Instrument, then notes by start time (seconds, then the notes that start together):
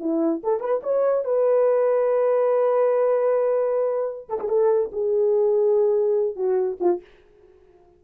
horn
0.00 E4
0.44 A4
0.60 B4
0.83 C#5
1.25 B4
4.29 A4
4.41 G#4
4.49 A4
4.92 G#4
6.36 F#4
6.80 F4